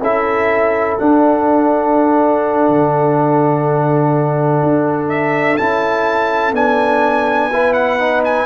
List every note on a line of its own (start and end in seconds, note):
0.00 0.97 C#4
0.00 0.99 E4
0.00 7.52 A4
0.00 0.98 E5
0.98 5.58 D4
0.98 2.68 D4
0.98 5.09 F#5
2.68 4.62 D3
4.63 5.59 D4
5.09 5.57 E5
5.57 6.52 C#4
5.57 6.53 E4
5.57 6.54 A5
6.52 8.46 B3
6.52 7.50 D4
6.52 7.73 G#5
7.52 7.99 E4
7.52 8.46 B4
7.73 8.21 F#5
7.99 8.46 D#4
8.24 8.46 G#5